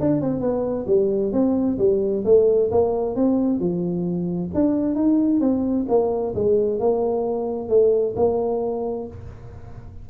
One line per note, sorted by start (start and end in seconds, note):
0.00 0.21 D4
0.21 0.40 C4
0.40 0.86 B3
0.87 1.32 G3
1.32 1.78 C4
1.79 2.24 G3
2.25 2.70 A3
2.71 3.16 A#3
3.16 3.60 C4
3.60 4.51 F3
4.55 4.95 D4
4.95 5.40 D#4
5.41 5.86 C4
5.89 6.34 A#3
6.35 6.80 G#3
6.80 7.69 A#3
7.69 8.14 A3
8.16 9.07 A#3